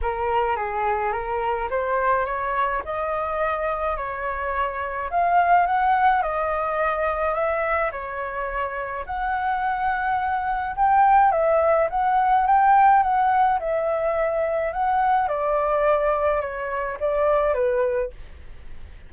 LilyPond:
\new Staff \with { instrumentName = "flute" } { \time 4/4 \tempo 4 = 106 ais'4 gis'4 ais'4 c''4 | cis''4 dis''2 cis''4~ | cis''4 f''4 fis''4 dis''4~ | dis''4 e''4 cis''2 |
fis''2. g''4 | e''4 fis''4 g''4 fis''4 | e''2 fis''4 d''4~ | d''4 cis''4 d''4 b'4 | }